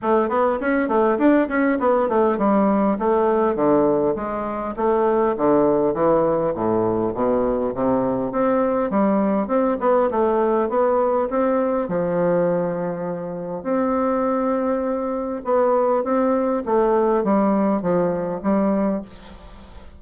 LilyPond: \new Staff \with { instrumentName = "bassoon" } { \time 4/4 \tempo 4 = 101 a8 b8 cis'8 a8 d'8 cis'8 b8 a8 | g4 a4 d4 gis4 | a4 d4 e4 a,4 | b,4 c4 c'4 g4 |
c'8 b8 a4 b4 c'4 | f2. c'4~ | c'2 b4 c'4 | a4 g4 f4 g4 | }